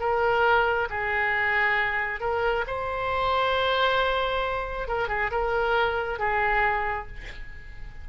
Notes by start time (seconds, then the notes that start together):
0.00 A#4
0.90 G#4
2.21 A#4
2.67 C5
4.88 A#4
5.09 G#4
5.31 A#4
6.19 G#4